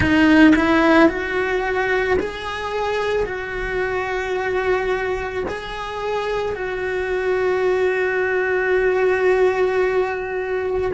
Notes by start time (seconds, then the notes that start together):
0.00 D#4
0.55 E4
1.08 F#4
2.19 G#4
3.25 F#4
5.47 G#4
6.55 F#4